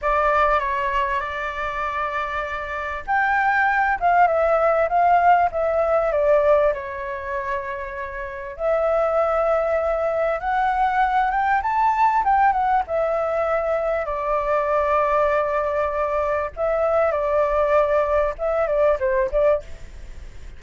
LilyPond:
\new Staff \with { instrumentName = "flute" } { \time 4/4 \tempo 4 = 98 d''4 cis''4 d''2~ | d''4 g''4. f''8 e''4 | f''4 e''4 d''4 cis''4~ | cis''2 e''2~ |
e''4 fis''4. g''8 a''4 | g''8 fis''8 e''2 d''4~ | d''2. e''4 | d''2 e''8 d''8 c''8 d''8 | }